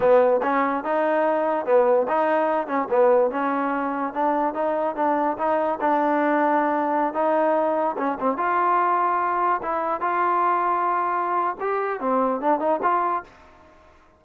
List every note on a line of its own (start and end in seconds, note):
0.00 0.40 B3
0.42 0.84 C#4
0.84 1.65 D#4
1.65 2.07 B3
2.08 2.67 D#4
2.67 2.87 C#4
2.90 3.30 B3
3.30 4.13 C#4
4.13 4.54 D4
4.54 4.95 D#4
4.95 5.37 D4
5.38 5.79 D#4
5.80 7.13 D4
7.13 7.96 D#4
7.97 8.17 C#4
8.19 8.37 C4
8.37 9.61 F4
9.62 10.00 E4
10.00 11.56 F4
11.60 12.00 G4
12.00 12.40 C4
12.40 12.59 D4
12.59 12.80 D#4
12.82 13.23 F4